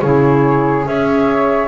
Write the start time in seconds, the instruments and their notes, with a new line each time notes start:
0.00 double bass C#3, clarinet E4, flute G#4 C#5
0.85 double bass C#4, clarinet G#4, flute C#5 E5